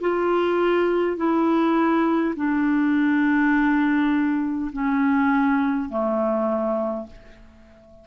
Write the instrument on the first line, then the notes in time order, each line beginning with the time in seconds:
clarinet
0.00 F4
1.17 E4
2.36 D4
4.72 C#4
5.89 A3